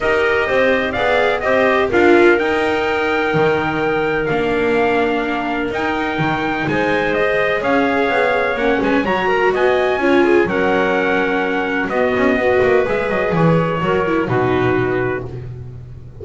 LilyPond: <<
  \new Staff \with { instrumentName = "trumpet" } { \time 4/4 \tempo 4 = 126 dis''2 f''4 dis''4 | f''4 g''2.~ | g''4 f''2. | g''2 gis''4 dis''4 |
f''2 fis''8 gis''8 ais''4 | gis''2 fis''2~ | fis''4 dis''2 e''8 dis''8 | cis''2 b'2 | }
  \new Staff \with { instrumentName = "clarinet" } { \time 4/4 ais'4 c''4 d''4 c''4 | ais'1~ | ais'1~ | ais'2 c''2 |
cis''2~ cis''8 b'8 cis''8 ais'8 | dis''4 cis''8 gis'8 ais'2~ | ais'4 fis'4 b'2~ | b'4 ais'4 fis'2 | }
  \new Staff \with { instrumentName = "viola" } { \time 4/4 g'2 gis'4 g'4 | f'4 dis'2.~ | dis'4 d'2. | dis'2. gis'4~ |
gis'2 cis'4 fis'4~ | fis'4 f'4 cis'2~ | cis'4 b4 fis'4 gis'4~ | gis'4 fis'8 e'8 dis'2 | }
  \new Staff \with { instrumentName = "double bass" } { \time 4/4 dis'4 c'4 b4 c'4 | d'4 dis'2 dis4~ | dis4 ais2. | dis'4 dis4 gis2 |
cis'4 b4 ais8 gis8 fis4 | b4 cis'4 fis2~ | fis4 b8 cis'8 b8 ais8 gis8 fis8 | e4 fis4 b,2 | }
>>